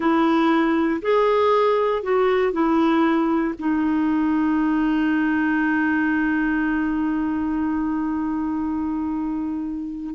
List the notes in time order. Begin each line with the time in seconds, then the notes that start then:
0.00 E4
1.02 G#4
2.02 F#4
2.52 E4
3.58 D#4